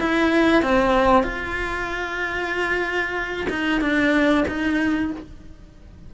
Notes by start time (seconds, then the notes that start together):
0.00 E4
0.63 C4
1.24 F4
3.50 D#4
3.81 D4
4.48 D#4